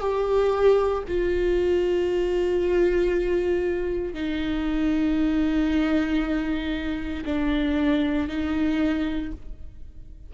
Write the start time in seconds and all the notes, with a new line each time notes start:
0.00 G4
1.08 F4
4.14 D#4
7.25 D4
8.29 D#4